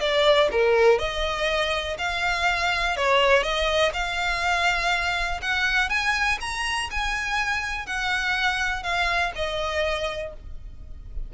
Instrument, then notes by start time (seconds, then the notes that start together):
violin
0.00 D5
0.51 A#4
0.98 D#5
1.98 F5
2.96 C#5
3.43 D#5
3.93 F5
5.42 F#5
5.89 G#5
6.40 A#5
6.91 G#5
7.86 F#5
8.83 F5
9.35 D#5